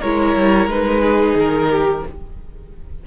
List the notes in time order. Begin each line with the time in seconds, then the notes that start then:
0.00 G#3 E4 A#4 C#5
0.36 G3
0.67 G#3 D#4 B4
1.01 G#4
1.35 D#3 A#4
1.70 G4